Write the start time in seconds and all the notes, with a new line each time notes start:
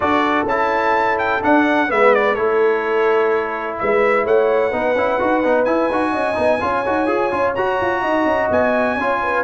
0.00 D4 F#4 A4 D5
0.45 C#4 E4 A5
1.18 G5
1.42 D4 F#5
1.88 G#3 B3 B4 E5
2.14 D5
2.34 A3 E4 A4 C#5
3.78 G#3 B4 E5
4.24 A3 C#5 F#5
4.69 B3 D#4 B4
4.95 C#4 E4
5.19 D#4 F#4
5.44 B3 D#4
5.64 E4 G#5
5.90 D#4 F#4
6.11 C#4 D#5
6.34 B3 D#4
6.60 C#4 F4 C#5
6.86 D#4 F#4
7.06 F4 G#4
7.30 C#4 F4
7.55 F#4 A#5
7.81 F4
8.01 D#4 D#5
8.25 C#4
8.50 B3 G#5
8.95 C#4 F4 C#5
9.22 B4